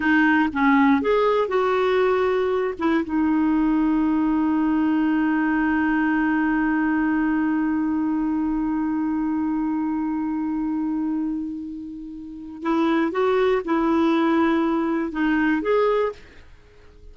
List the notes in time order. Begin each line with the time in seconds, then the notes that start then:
0.00 D#4
0.52 C#4
1.01 G#4
1.48 F#4
2.78 E4
3.04 D#4
12.62 E4
13.11 F#4
13.65 E4
15.11 D#4
15.62 G#4